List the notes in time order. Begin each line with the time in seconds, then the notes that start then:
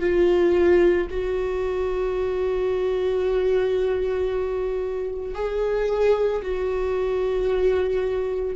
0.00 F4
1.10 F#4
5.35 G#4
6.42 F#4